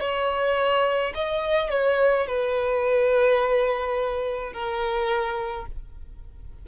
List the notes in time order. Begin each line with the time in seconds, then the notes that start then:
0.00 C#5
1.15 D#5
1.70 C#5
2.27 B4
4.53 A#4